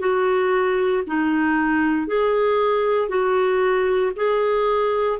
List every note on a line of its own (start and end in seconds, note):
0.00 1.03 F#4
1.07 2.08 D#4
2.08 3.09 G#4
3.09 4.13 F#4
4.16 5.20 G#4